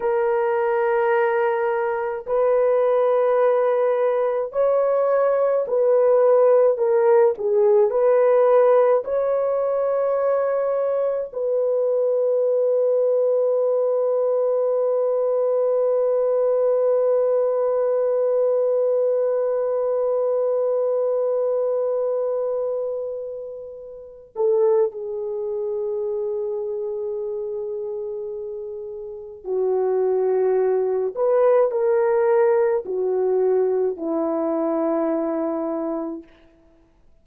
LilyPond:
\new Staff \with { instrumentName = "horn" } { \time 4/4 \tempo 4 = 53 ais'2 b'2 | cis''4 b'4 ais'8 gis'8 b'4 | cis''2 b'2~ | b'1~ |
b'1~ | b'4. a'8 gis'2~ | gis'2 fis'4. b'8 | ais'4 fis'4 e'2 | }